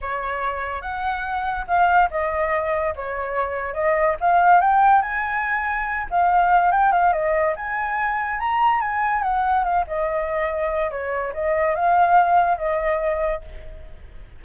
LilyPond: \new Staff \with { instrumentName = "flute" } { \time 4/4 \tempo 4 = 143 cis''2 fis''2 | f''4 dis''2 cis''4~ | cis''4 dis''4 f''4 g''4 | gis''2~ gis''8 f''4. |
g''8 f''8 dis''4 gis''2 | ais''4 gis''4 fis''4 f''8 dis''8~ | dis''2 cis''4 dis''4 | f''2 dis''2 | }